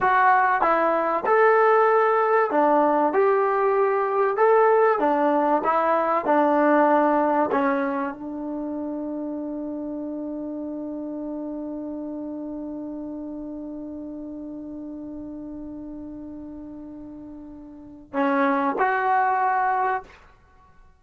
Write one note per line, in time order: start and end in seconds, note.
0.00 0.61 F#4
0.61 1.24 E4
1.26 2.50 A4
2.50 3.13 D4
3.13 4.36 G4
4.36 4.99 A4
4.99 5.61 D4
5.64 6.25 E4
6.25 7.50 D4
7.51 8.13 C#4
8.13 18.13 D4
18.13 18.75 C#4
18.78 20.03 F#4